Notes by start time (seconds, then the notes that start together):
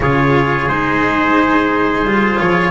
0.00 C#3 F4 G#4 C#5
0.68 G#3 D#4 C5
2.04 G3 F4
2.39 F3 C#5